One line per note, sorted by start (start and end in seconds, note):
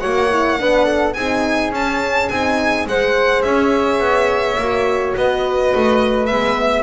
0.00 0.61 A#3
0.00 0.29 F#4
0.00 0.58 C#5
0.00 1.14 F#5
0.30 0.58 E4
0.59 1.16 B3
0.59 1.16 D4
0.59 0.85 B4
0.85 1.14 A4
1.14 1.71 C4
1.14 1.74 D#4
1.14 2.88 G#4
1.14 1.71 G#5
1.71 2.28 C#4
1.71 2.31 C#4
1.71 2.29 A5
2.29 2.85 C4
2.29 2.87 D#4
2.29 2.86 G#5
2.85 3.43 G#3
2.85 4.59 G#4
2.85 3.46 C5
2.85 3.43 F#5
3.43 4.00 C#4
3.43 5.17 C#5
3.43 5.14 E5
4.00 4.57 B3
4.58 5.15 A#3
4.58 6.30 F#4
5.16 5.73 B3
5.16 6.60 B4
5.16 6.26 D#5
5.75 6.32 A3
6.26 6.83 B3
6.26 6.83 E5
6.32 6.83 G#3
6.60 6.83 E5